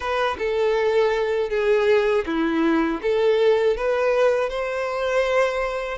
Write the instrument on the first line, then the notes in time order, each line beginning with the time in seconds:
violin
0.00 B4
0.38 A4
1.49 G#4
2.25 E4
3.02 A4
3.76 B4
4.49 C5